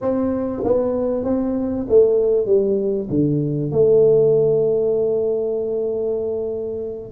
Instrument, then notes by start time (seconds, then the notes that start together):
tuba
0.01 C4
0.64 B3
1.24 C4
1.89 A3
2.46 G3
3.09 D3
3.71 A3